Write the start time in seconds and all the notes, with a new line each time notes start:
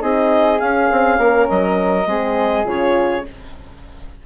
0.00 C4 D#4 G#4 D#5
0.59 C#4 F5
0.91 C4
1.18 A#3 A#4
1.49 F#3 D#5
2.06 G#3 C4 G#4
2.65 C#3 F4 C#5